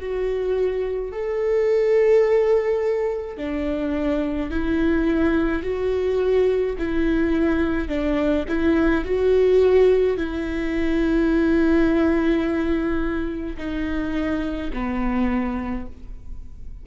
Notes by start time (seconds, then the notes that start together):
0.00 F#4
1.12 A4
3.38 D4
4.51 E4
5.63 F#4
6.79 E4
7.88 D4
8.49 E4
9.05 F#4
10.17 E4
13.58 D#4
14.73 B3